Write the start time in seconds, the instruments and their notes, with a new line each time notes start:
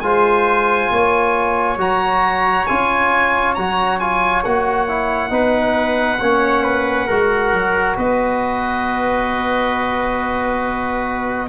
0.00 tuba G#3, trombone F4, trumpet C5, oboe G#5
0.90 tuba A#3, trumpet C#5
1.77 tuba F#3, trombone F#4, oboe A#5
2.66 tuba C#4, trombone F4, oboe G#5
3.54 tuba F#3, trombone F#4, oboe A#5
3.99 trombone F4, oboe G#5
4.44 tuba A#3, trombone F#4, oboe F#5
4.88 trombone E4
5.30 tuba B3, trombone D#4, trumpet B4
6.19 tuba A#3, trombone C#4, trumpet C#5
6.63 trumpet B4
7.07 tuba G#3, trombone F#4, trumpet A#4
7.52 tuba F#3
7.96 tuba B3, trumpet B4, oboe D#5